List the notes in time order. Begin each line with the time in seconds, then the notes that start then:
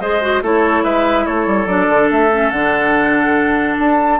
0.00 G#3 G#4 C5 D#5
0.21 F#4
0.41 A3 E4 A4 C#5
0.83 G#3 B4 E5
1.26 A3 A4 C#5
1.46 G3
1.66 F#3 D4 D5
1.89 D3
2.10 A3 E5
2.31 C#4
2.50 D3 D4 F#5
3.79 D4 A5